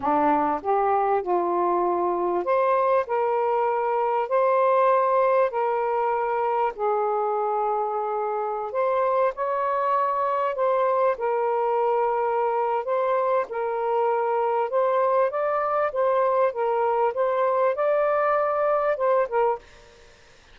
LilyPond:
\new Staff \with { instrumentName = "saxophone" } { \time 4/4 \tempo 4 = 98 d'4 g'4 f'2 | c''4 ais'2 c''4~ | c''4 ais'2 gis'4~ | gis'2~ gis'16 c''4 cis''8.~ |
cis''4~ cis''16 c''4 ais'4.~ ais'16~ | ais'4 c''4 ais'2 | c''4 d''4 c''4 ais'4 | c''4 d''2 c''8 ais'8 | }